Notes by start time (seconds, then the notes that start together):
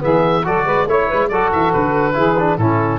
0.00 E3 B3 G#4 E5
0.45 F#3 F#4 A4 D5
0.65 G#3 B4
0.86 A3 E4 C#5
1.07 B4
1.13 G#3
1.29 F#3 F#4 A4 D5
1.52 E3 E5
1.73 D3 B4
2.13 E3 E4 G#4
2.39 D4
2.57 A2 C#4 E4 A4